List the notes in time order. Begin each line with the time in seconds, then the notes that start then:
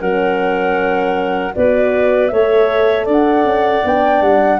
0.00 F#3 C#4 A#4 F#5
1.54 B3 F#4 B4 D5
2.28 A3 A4 C#5 E5
3.05 D4 D5
3.12 F#5
3.45 C#4
3.84 B3 D4 G5
4.21 G3 F#5